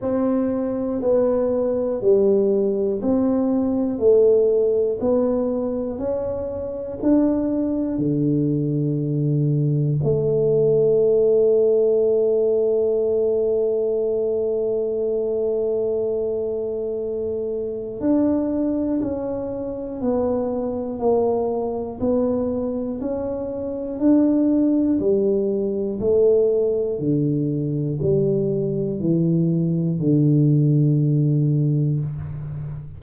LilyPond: \new Staff \with { instrumentName = "tuba" } { \time 4/4 \tempo 4 = 60 c'4 b4 g4 c'4 | a4 b4 cis'4 d'4 | d2 a2~ | a1~ |
a2 d'4 cis'4 | b4 ais4 b4 cis'4 | d'4 g4 a4 d4 | g4 e4 d2 | }